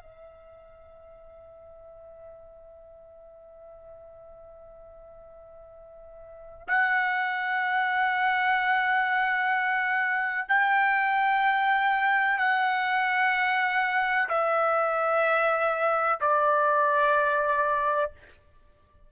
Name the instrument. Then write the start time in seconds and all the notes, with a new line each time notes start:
trumpet
0.00 E5
6.68 F#5
10.48 G5
12.38 F#5
14.29 E5
16.20 D5